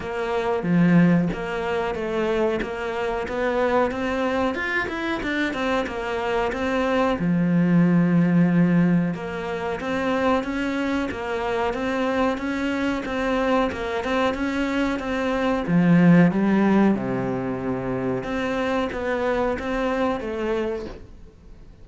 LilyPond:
\new Staff \with { instrumentName = "cello" } { \time 4/4 \tempo 4 = 92 ais4 f4 ais4 a4 | ais4 b4 c'4 f'8 e'8 | d'8 c'8 ais4 c'4 f4~ | f2 ais4 c'4 |
cis'4 ais4 c'4 cis'4 | c'4 ais8 c'8 cis'4 c'4 | f4 g4 c2 | c'4 b4 c'4 a4 | }